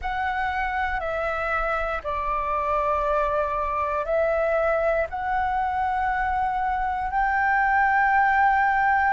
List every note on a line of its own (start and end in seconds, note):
0.01 0.99 F#5
0.99 2.01 E5
2.03 4.05 D5
4.05 5.07 E5
5.09 7.10 F#5
7.10 9.12 G5